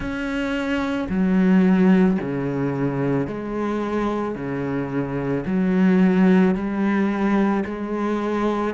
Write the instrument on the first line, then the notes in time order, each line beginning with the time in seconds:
cello
0.00 C#4
1.09 F#3
2.21 C#3
3.27 G#3
4.35 C#3
5.45 F#3
6.55 G3
7.65 G#3